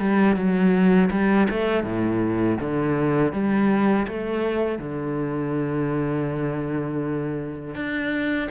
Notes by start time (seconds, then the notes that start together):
0.00 G3
0.36 F#3
1.11 G3
1.50 A3
1.84 A2
2.61 D3
3.33 G3
4.08 A3
4.79 D3
7.75 D4